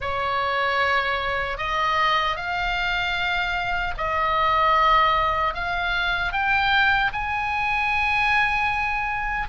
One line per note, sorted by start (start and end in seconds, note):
0.00 1.57 C#5
1.57 2.36 D#5
2.36 3.94 F5
3.97 5.54 D#5
5.54 6.32 F5
6.32 7.11 G5
7.12 9.48 G#5